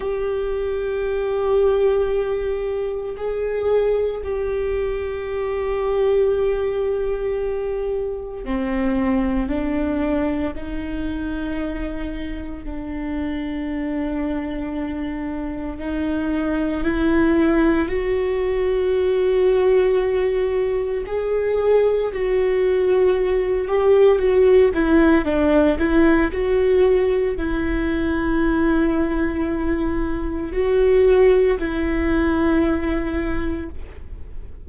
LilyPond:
\new Staff \with { instrumentName = "viola" } { \time 4/4 \tempo 4 = 57 g'2. gis'4 | g'1 | c'4 d'4 dis'2 | d'2. dis'4 |
e'4 fis'2. | gis'4 fis'4. g'8 fis'8 e'8 | d'8 e'8 fis'4 e'2~ | e'4 fis'4 e'2 | }